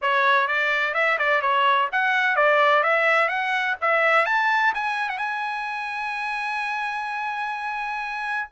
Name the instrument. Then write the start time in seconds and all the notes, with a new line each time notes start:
trumpet
0.01 C#5
0.47 D5
0.94 E5
1.18 D5
1.41 C#5
1.92 F#5
2.36 D5
2.83 E5
3.28 F#5
3.81 E5
4.25 A5
4.74 G#5
5.09 F#5
5.18 G#5